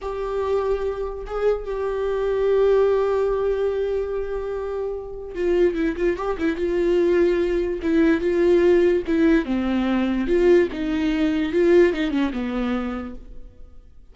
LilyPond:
\new Staff \with { instrumentName = "viola" } { \time 4/4 \tempo 4 = 146 g'2. gis'4 | g'1~ | g'1~ | g'4 f'4 e'8 f'8 g'8 e'8 |
f'2. e'4 | f'2 e'4 c'4~ | c'4 f'4 dis'2 | f'4 dis'8 cis'8 b2 | }